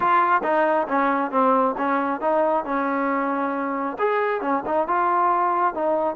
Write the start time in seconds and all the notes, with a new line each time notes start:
0.00 F4
0.43 D#4
0.87 C#4
1.31 C4
1.77 C#4
2.20 D#4
2.65 C#4
3.98 G#4
4.41 C#4
4.66 D#4
4.87 F4
5.74 D#4